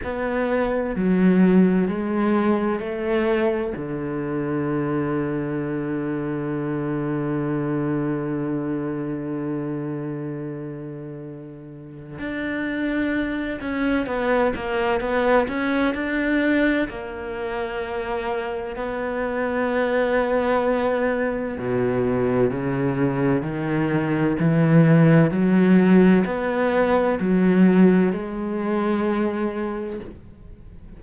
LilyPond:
\new Staff \with { instrumentName = "cello" } { \time 4/4 \tempo 4 = 64 b4 fis4 gis4 a4 | d1~ | d1~ | d4 d'4. cis'8 b8 ais8 |
b8 cis'8 d'4 ais2 | b2. b,4 | cis4 dis4 e4 fis4 | b4 fis4 gis2 | }